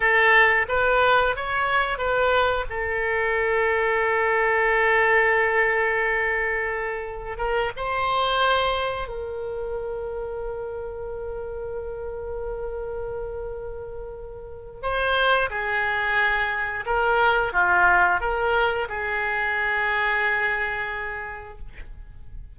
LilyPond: \new Staff \with { instrumentName = "oboe" } { \time 4/4 \tempo 4 = 89 a'4 b'4 cis''4 b'4 | a'1~ | a'2. ais'8 c''8~ | c''4. ais'2~ ais'8~ |
ais'1~ | ais'2 c''4 gis'4~ | gis'4 ais'4 f'4 ais'4 | gis'1 | }